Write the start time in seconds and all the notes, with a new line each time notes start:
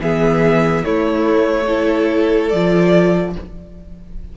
0.00 E3 B3 G#4 E5
0.84 A3 E4 C#5
1.66 E4 A4
2.49 F3 F4 D5